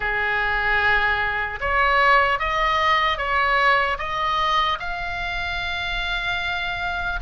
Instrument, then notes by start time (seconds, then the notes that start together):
oboe
0.00 G#4
1.60 C#5
2.39 D#5
3.17 C#5
3.98 D#5
4.79 F5